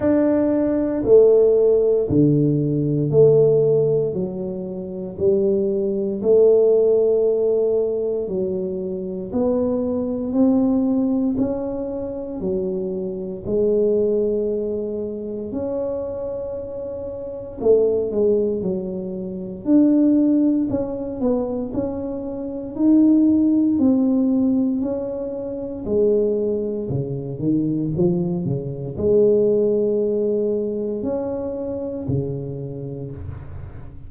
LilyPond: \new Staff \with { instrumentName = "tuba" } { \time 4/4 \tempo 4 = 58 d'4 a4 d4 a4 | fis4 g4 a2 | fis4 b4 c'4 cis'4 | fis4 gis2 cis'4~ |
cis'4 a8 gis8 fis4 d'4 | cis'8 b8 cis'4 dis'4 c'4 | cis'4 gis4 cis8 dis8 f8 cis8 | gis2 cis'4 cis4 | }